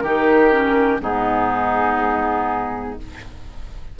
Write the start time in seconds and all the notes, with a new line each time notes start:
0.00 D#3 D#4 G4 A#4
0.51 C#4
1.01 G#2 B3 D#4 G#4